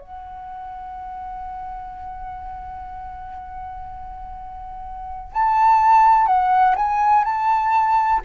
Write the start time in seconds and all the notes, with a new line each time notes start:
0.00 F#5
5.32 A5
6.26 F#5
6.76 G#5
7.24 A5